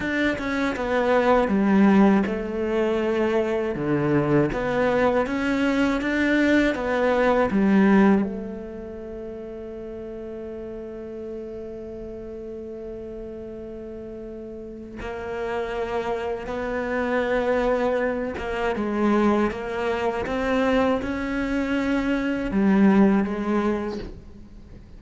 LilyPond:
\new Staff \with { instrumentName = "cello" } { \time 4/4 \tempo 4 = 80 d'8 cis'8 b4 g4 a4~ | a4 d4 b4 cis'4 | d'4 b4 g4 a4~ | a1~ |
a1 | ais2 b2~ | b8 ais8 gis4 ais4 c'4 | cis'2 g4 gis4 | }